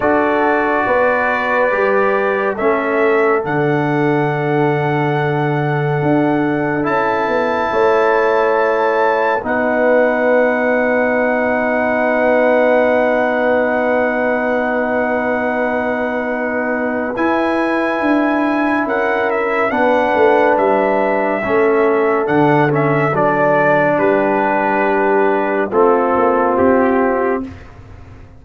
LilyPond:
<<
  \new Staff \with { instrumentName = "trumpet" } { \time 4/4 \tempo 4 = 70 d''2. e''4 | fis''1 | a''2. fis''4~ | fis''1~ |
fis''1 | gis''2 fis''8 e''8 fis''4 | e''2 fis''8 e''8 d''4 | b'2 a'4 g'4 | }
  \new Staff \with { instrumentName = "horn" } { \time 4/4 a'4 b'2 a'4~ | a'1~ | a'4 cis''2 b'4~ | b'1~ |
b'1~ | b'2 ais'4 b'4~ | b'4 a'2. | g'2 f'2 | }
  \new Staff \with { instrumentName = "trombone" } { \time 4/4 fis'2 g'4 cis'4 | d'1 | e'2. dis'4~ | dis'1~ |
dis'1 | e'2. d'4~ | d'4 cis'4 d'8 cis'8 d'4~ | d'2 c'2 | }
  \new Staff \with { instrumentName = "tuba" } { \time 4/4 d'4 b4 g4 a4 | d2. d'4 | cis'8 b8 a2 b4~ | b1~ |
b1 | e'4 d'4 cis'4 b8 a8 | g4 a4 d4 fis4 | g2 a8 ais8 c'4 | }
>>